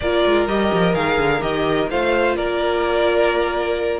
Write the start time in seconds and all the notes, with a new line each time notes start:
0.00 A#3 F4 A#4 D5
0.25 G#3
0.47 G3 G4 D#5
0.72 F3
0.93 D#3 G#4 F5
1.18 D3
1.40 D#3 G4 D#5
1.90 A3 F4 C5 F5
2.36 A#3 A#4 D5